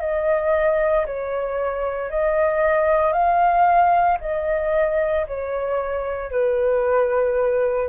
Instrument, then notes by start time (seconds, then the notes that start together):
flute
0.00 D#5
1.06 C#5
2.10 D#5
3.12 F5
4.21 D#5
5.27 C#5
6.31 B4